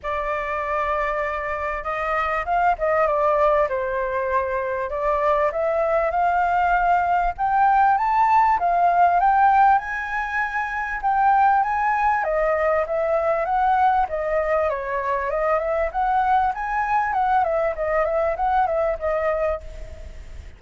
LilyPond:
\new Staff \with { instrumentName = "flute" } { \time 4/4 \tempo 4 = 98 d''2. dis''4 | f''8 dis''8 d''4 c''2 | d''4 e''4 f''2 | g''4 a''4 f''4 g''4 |
gis''2 g''4 gis''4 | dis''4 e''4 fis''4 dis''4 | cis''4 dis''8 e''8 fis''4 gis''4 | fis''8 e''8 dis''8 e''8 fis''8 e''8 dis''4 | }